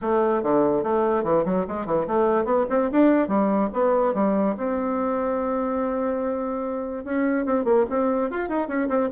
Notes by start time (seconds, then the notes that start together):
0.01 A3
0.43 D3
0.83 A3
1.23 E3
1.45 F#3
1.67 G#3
1.85 E3
2.07 A3
2.45 B3
2.69 C4
2.91 D4
3.28 G3
3.73 B3
4.14 G3
4.57 C4
7.04 C#4
7.45 C4
7.64 A#3
7.89 C4
8.30 F4
8.48 D#4
8.67 C#4
8.88 C4